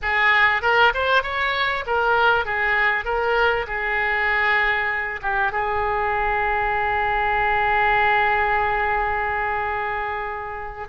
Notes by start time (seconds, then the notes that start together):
0.01 G#4
0.62 A#4
0.94 C5
1.22 C#5
1.86 A#4
2.45 G#4
3.04 A#4
3.67 G#4
5.22 G4
5.52 G#4